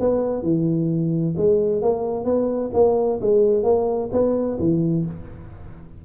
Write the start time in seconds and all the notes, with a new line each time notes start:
0.00 B3
0.43 E3
1.37 G#3
1.82 A#3
2.24 B3
2.74 A#3
3.21 G#3
3.64 A#3
4.12 B3
4.59 E3